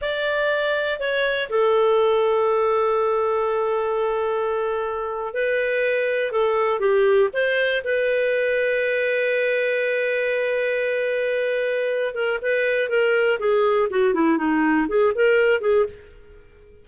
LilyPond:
\new Staff \with { instrumentName = "clarinet" } { \time 4/4 \tempo 4 = 121 d''2 cis''4 a'4~ | a'1~ | a'2~ a'8. b'4~ b'16~ | b'8. a'4 g'4 c''4 b'16~ |
b'1~ | b'1~ | b'8 ais'8 b'4 ais'4 gis'4 | fis'8 e'8 dis'4 gis'8 ais'4 gis'8 | }